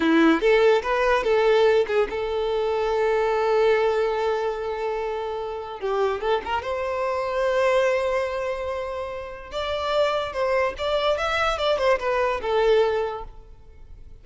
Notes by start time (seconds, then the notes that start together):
0.00 E4
0.40 A4
0.82 B4
1.23 A4
1.87 G#4
2.09 A4
5.79 G4
6.20 A4
6.45 A#4
6.62 C5
9.51 D5
10.32 C5
10.78 D5
11.17 E5
11.57 D5
11.78 C5
11.99 B4
12.41 A4